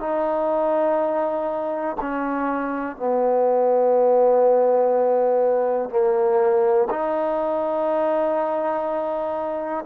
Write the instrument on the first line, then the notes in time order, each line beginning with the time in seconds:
trombone
0.00 D#4
2.01 C#4
2.96 B3
5.90 A#3
6.90 D#4